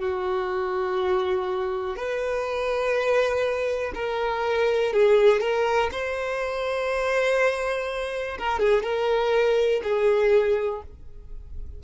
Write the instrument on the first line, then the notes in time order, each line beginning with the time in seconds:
violin
0.00 F#4
1.96 B4
3.95 A#4
4.93 G#4
5.41 A#4
5.92 C5
8.38 A#4
8.60 G#4
8.83 A#4
9.84 G#4